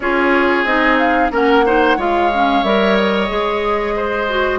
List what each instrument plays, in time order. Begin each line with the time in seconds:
0.00 bassoon C#4, clarinet F4, oboe G#4, flute C#5
0.64 bassoon C4, clarinet D#4, flute D#5
0.98 flute F5
1.30 bassoon A#3, clarinet C#4, oboe A#4, flute F#5
1.65 clarinet D#4, oboe C5
1.97 bassoon G#3, clarinet F4, oboe C#5, flute F5
2.33 clarinet C#4
2.63 bassoon G3, clarinet A#4, flute E5
2.96 flute D#5
3.28 bassoon G#3, clarinet G#4
3.96 oboe C5
4.28 clarinet F#4